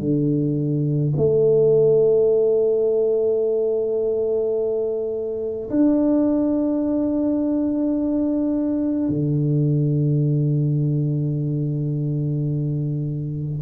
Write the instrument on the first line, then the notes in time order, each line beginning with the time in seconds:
tuba
0.00 D3
1.17 A3
5.70 D4
9.09 D3